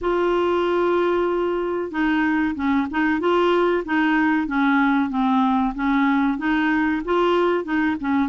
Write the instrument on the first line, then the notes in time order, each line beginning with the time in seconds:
clarinet
0.01 F4
1.91 D#4
2.55 C#4
2.90 D#4
3.19 F4
3.85 D#4
4.47 C#4
5.09 C4
5.74 C#4
6.38 D#4
7.04 F4
7.64 D#4
8.00 C#4